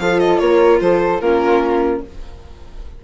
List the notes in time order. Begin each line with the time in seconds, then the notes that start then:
0.00 F3 F4 A4 F5
0.20 D#5
0.39 A#3 A#4 C#5
0.81 F3 A4 C5
1.21 A#3 C#4 F4 A#4